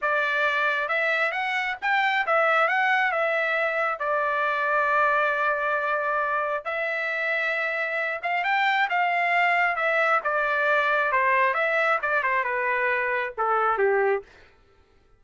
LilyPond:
\new Staff \with { instrumentName = "trumpet" } { \time 4/4 \tempo 4 = 135 d''2 e''4 fis''4 | g''4 e''4 fis''4 e''4~ | e''4 d''2.~ | d''2. e''4~ |
e''2~ e''8 f''8 g''4 | f''2 e''4 d''4~ | d''4 c''4 e''4 d''8 c''8 | b'2 a'4 g'4 | }